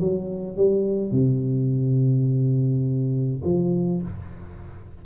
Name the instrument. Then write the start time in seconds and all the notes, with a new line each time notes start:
tuba
0.00 F#3
0.57 G3
1.11 C3
3.44 F3